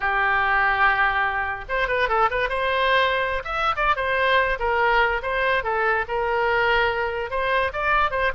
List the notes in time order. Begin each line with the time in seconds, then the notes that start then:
0.00 G4
1.68 C5
1.88 B4
2.08 A4
2.30 B4
2.49 C5
3.44 E5
3.76 D5
3.96 C5
4.59 A#4
5.22 C5
5.63 A4
6.08 A#4
7.30 C5
7.72 D5
8.11 C5